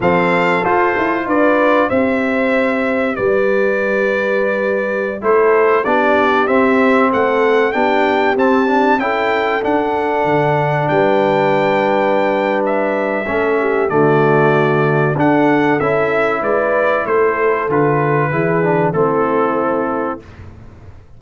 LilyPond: <<
  \new Staff \with { instrumentName = "trumpet" } { \time 4/4 \tempo 4 = 95 f''4 c''4 d''4 e''4~ | e''4 d''2.~ | d''16 c''4 d''4 e''4 fis''8.~ | fis''16 g''4 a''4 g''4 fis''8.~ |
fis''4~ fis''16 g''2~ g''8. | e''2 d''2 | fis''4 e''4 d''4 c''4 | b'2 a'2 | }
  \new Staff \with { instrumentName = "horn" } { \time 4/4 a'2 b'4 c''4~ | c''4 b'2.~ | b'16 a'4 g'2 a'8.~ | a'16 g'2 a'4.~ a'16~ |
a'4~ a'16 b'2~ b'8.~ | b'4 a'8 g'8 fis'2 | a'2 b'4 a'4~ | a'4 gis'4 e'2 | }
  \new Staff \with { instrumentName = "trombone" } { \time 4/4 c'4 f'2 g'4~ | g'1~ | g'16 e'4 d'4 c'4.~ c'16~ | c'16 d'4 c'8 d'8 e'4 d'8.~ |
d'1~ | d'4 cis'4 a2 | d'4 e'2. | f'4 e'8 d'8 c'2 | }
  \new Staff \with { instrumentName = "tuba" } { \time 4/4 f4 f'8 e'8 d'4 c'4~ | c'4 g2.~ | g16 a4 b4 c'4 a8.~ | a16 b4 c'4 cis'4 d'8.~ |
d'16 d4 g2~ g8.~ | g4 a4 d2 | d'4 cis'4 gis4 a4 | d4 e4 a2 | }
>>